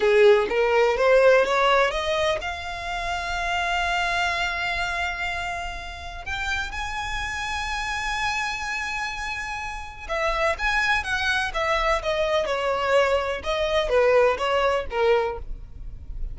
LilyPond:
\new Staff \with { instrumentName = "violin" } { \time 4/4 \tempo 4 = 125 gis'4 ais'4 c''4 cis''4 | dis''4 f''2.~ | f''1~ | f''4 g''4 gis''2~ |
gis''1~ | gis''4 e''4 gis''4 fis''4 | e''4 dis''4 cis''2 | dis''4 b'4 cis''4 ais'4 | }